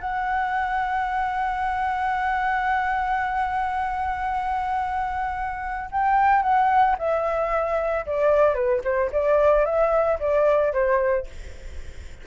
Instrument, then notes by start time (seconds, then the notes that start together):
flute
0.00 F#5
5.91 G5
6.42 F#5
6.98 E5
8.06 D5
8.54 B4
8.84 C5
9.12 D5
9.65 E5
10.20 D5
10.73 C5